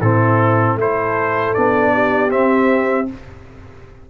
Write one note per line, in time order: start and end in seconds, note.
0.00 0.75 A2
0.00 0.79 C4
0.00 0.77 E4
0.00 0.77 A4
0.75 1.52 A3
0.75 1.55 E4
0.75 1.92 A4
0.75 1.53 C5
1.53 2.32 B3
1.53 2.29 D4
1.53 2.30 D5
1.93 3.08 G4
2.29 3.05 C4
2.29 3.09 C4
2.29 3.07 E5